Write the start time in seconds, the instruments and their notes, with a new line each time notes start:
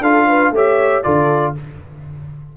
0.00 tuba D4, trombone F4, horn A4, trumpet F5
0.27 horn B4
0.51 tuba A3, trombone G4, horn C#5
0.57 trumpet E5
1.03 tuba D3, trombone F4, horn A4, trumpet D5